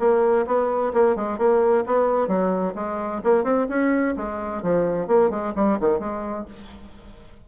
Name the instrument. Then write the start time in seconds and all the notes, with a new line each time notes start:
bassoon
0.00 A#3
0.47 B3
0.94 A#3
1.16 G#3
1.38 A#3
1.87 B3
2.28 F#3
2.76 G#3
3.24 A#3
3.44 C4
3.69 C#4
4.17 G#3
4.63 F3
5.08 A#3
5.31 G#3
5.56 G3
5.81 D#3
6.00 G#3